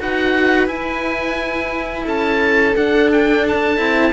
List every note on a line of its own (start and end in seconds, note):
0.00 0.68 D#4
0.00 0.67 F#4
0.00 2.05 B4
0.00 0.68 F#5
0.67 2.74 E4
0.67 2.06 E4
0.67 2.06 G#5
2.05 2.76 C#4
2.05 4.12 A4
2.05 2.76 A5
2.76 3.77 D4
2.76 3.79 D4
2.76 3.11 F#5
3.13 3.47 G5
3.48 4.13 A5
3.77 4.13 C4
3.77 4.12 E4